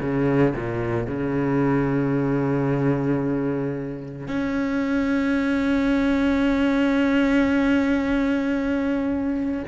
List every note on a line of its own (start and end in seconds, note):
0.00 0.54 C#3
0.55 1.07 A#2
1.07 4.27 C#3
4.27 9.63 C#4